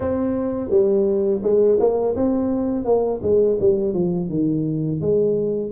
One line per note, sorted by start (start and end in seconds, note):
0.00 0.69 C4
0.69 1.41 G3
1.43 1.78 G#3
1.79 2.15 A#3
2.15 2.84 C4
2.84 3.20 A#3
3.22 3.57 G#3
3.59 3.93 G3
3.93 4.29 F3
4.29 5.00 D#3
5.00 5.71 G#3